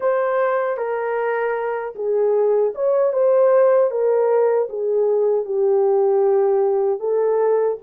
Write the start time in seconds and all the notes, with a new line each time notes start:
0.00 C5
0.77 A#4
1.95 G#4
2.74 C#5
3.12 C5
3.90 A#4
4.69 G#4
5.45 G4
7.00 A4